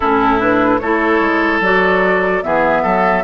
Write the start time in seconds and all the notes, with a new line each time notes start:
0.00 A2 C#4 E4 A4
0.39 D4 B4
0.79 A3 E4 A4 C#5
1.20 G#3
1.60 F#3 F#4 D5
2.43 E3 B3 G#4 E5
2.82 F#3 A4